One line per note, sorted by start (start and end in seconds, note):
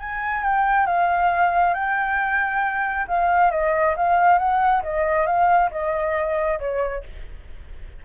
0.00 0.44 G#5
0.44 0.87 G5
0.87 1.74 F5
1.74 3.07 G5
3.08 3.51 F5
3.51 3.95 D#5
3.97 4.39 F5
4.39 4.83 F#5
4.83 5.27 D#5
5.27 5.71 F5
5.72 6.60 D#5
6.60 7.04 C#5